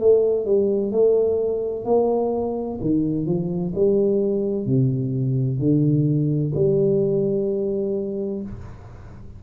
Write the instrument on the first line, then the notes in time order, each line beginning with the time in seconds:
tuba
0.00 A3
0.46 G3
0.92 A3
1.85 A#3
2.81 D#3
3.26 F3
3.75 G3
4.67 C3
5.60 D3
6.55 G3